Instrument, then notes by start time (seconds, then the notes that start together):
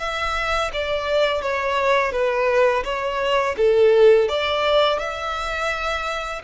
violin
0.00 E5
0.73 D5
1.42 C#5
2.12 B4
2.84 C#5
3.57 A4
4.29 D5
4.99 E5